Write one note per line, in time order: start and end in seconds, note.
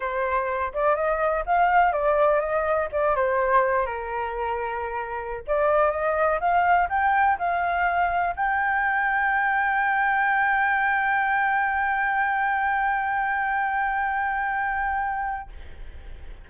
0.00 0.72 C5
0.73 0.95 D5
0.95 1.44 D#5
1.46 1.92 F5
1.92 2.40 D5
2.40 2.88 D#5
2.92 3.15 D5
3.15 3.86 C5
3.86 5.43 A#4
5.47 5.91 D5
5.91 6.39 D#5
6.39 6.88 F5
6.89 7.37 G5
7.38 8.35 F5
8.36 15.49 G5